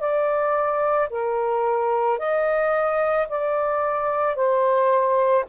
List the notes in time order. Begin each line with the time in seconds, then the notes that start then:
0.00 D5
1.10 A#4
2.19 D#5
3.29 D5
4.36 C5